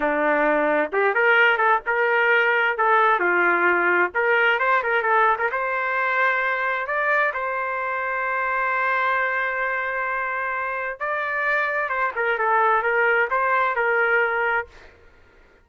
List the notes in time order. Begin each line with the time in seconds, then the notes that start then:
0.00 D4
0.92 G4
1.14 A#4
1.57 A4
1.86 A#4
2.77 A4
3.19 F4
4.14 A#4
4.59 C5
4.83 A#4
5.02 A4
5.38 A#4
5.51 C5
6.86 D5
7.33 C5
10.99 D5
11.89 C5
12.15 A#4
12.38 A4
12.82 A#4
13.30 C5
13.75 A#4